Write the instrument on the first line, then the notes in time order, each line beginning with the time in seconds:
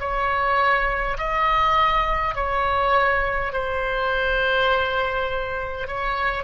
oboe
0.00 C#5
1.18 D#5
2.35 C#5
3.53 C5
5.88 C#5